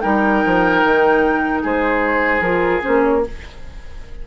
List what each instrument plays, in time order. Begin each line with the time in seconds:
0.00 bassoon G3, clarinet D#4, oboe A#4, flute G5
0.45 bassoon F3
0.84 bassoon D#3
1.62 bassoon G#3, oboe G#4, flute C5
2.40 bassoon F3, clarinet F4, flute A#4
2.81 bassoon A#3, clarinet C#4, flute C5
3.03 flute C#5